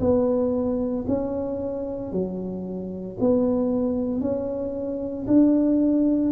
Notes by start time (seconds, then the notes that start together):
0.00 B3
1.07 C#4
2.12 F#3
3.20 B3
4.21 C#4
5.27 D4